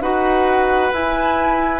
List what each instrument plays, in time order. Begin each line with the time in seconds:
0.00 bassoon D#4, clarinet F#4, oboe B4, flute F#5
0.91 bassoon E4, clarinet E4, flute G#5